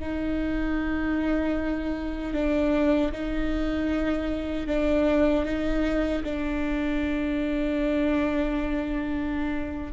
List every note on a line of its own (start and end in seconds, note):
0.00 2.34 D#4
2.34 3.12 D4
3.12 4.67 D#4
4.67 5.45 D4
5.45 6.23 D#4
6.24 9.93 D4